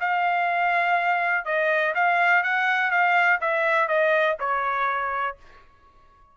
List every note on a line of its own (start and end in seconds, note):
0.00 1.45 F5
1.45 1.94 D#5
1.94 2.43 F5
2.43 2.91 F#5
2.91 3.39 F5
3.41 3.88 E5
3.88 4.37 D#5
4.39 5.37 C#5